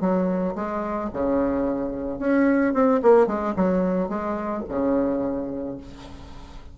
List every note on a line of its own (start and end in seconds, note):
0.00 0.55 F#3
0.55 1.10 G#3
1.13 2.19 C#3
2.19 2.73 C#4
2.73 3.00 C4
3.02 3.26 A#3
3.26 3.54 G#3
3.56 4.09 F#3
4.09 4.63 G#3
4.68 5.77 C#3